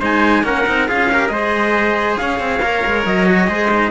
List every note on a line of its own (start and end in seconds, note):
0.00 0.43 G#3
0.00 0.44 D#4
0.00 0.43 C5
0.00 0.45 G#5
0.43 0.65 A#3
0.43 0.66 C#4
0.43 0.88 A#4
0.43 0.89 F#5
0.66 0.90 C4
0.66 0.88 D#4
0.88 1.29 C#4
0.88 1.10 F4
0.88 1.10 G#4
0.88 1.28 F5
1.12 1.30 G4
1.12 1.33 A#4
1.28 2.16 G#3
1.28 2.60 G#4
1.28 2.20 C5
1.28 2.15 D#5
2.17 2.39 C#4
2.17 3.50 C#5
2.17 3.04 F5
2.39 2.60 C4
2.60 2.82 A#3
2.60 3.26 A#4
2.86 3.06 G#3
3.06 3.48 F#3
3.06 3.91 D#5
3.26 3.47 F#4
3.47 3.91 G#3
3.47 3.69 G#4
3.47 3.91 C5
3.70 3.91 D#4